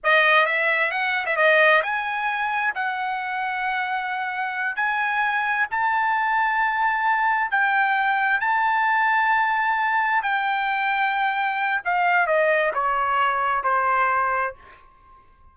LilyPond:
\new Staff \with { instrumentName = "trumpet" } { \time 4/4 \tempo 4 = 132 dis''4 e''4 fis''8. e''16 dis''4 | gis''2 fis''2~ | fis''2~ fis''8 gis''4.~ | gis''8 a''2.~ a''8~ |
a''8 g''2 a''4.~ | a''2~ a''8 g''4.~ | g''2 f''4 dis''4 | cis''2 c''2 | }